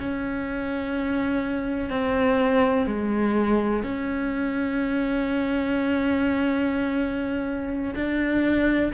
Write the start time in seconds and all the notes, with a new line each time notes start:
0.00 C#4
1.90 C4
2.87 G#3
3.84 C#4
7.96 D4